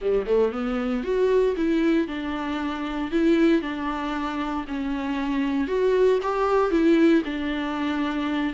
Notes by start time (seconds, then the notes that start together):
0.01 G3
0.26 A3
0.51 B3
1.03 F#4
1.56 E4
2.07 D4
3.11 E4
3.61 D4
4.67 C#4
5.67 F#4
6.22 G4
6.70 E4
7.25 D4